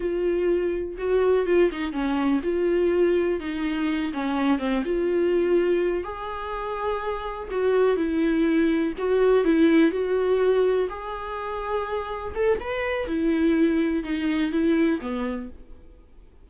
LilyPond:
\new Staff \with { instrumentName = "viola" } { \time 4/4 \tempo 4 = 124 f'2 fis'4 f'8 dis'8 | cis'4 f'2 dis'4~ | dis'8 cis'4 c'8 f'2~ | f'8 gis'2. fis'8~ |
fis'8 e'2 fis'4 e'8~ | e'8 fis'2 gis'4.~ | gis'4. a'8 b'4 e'4~ | e'4 dis'4 e'4 b4 | }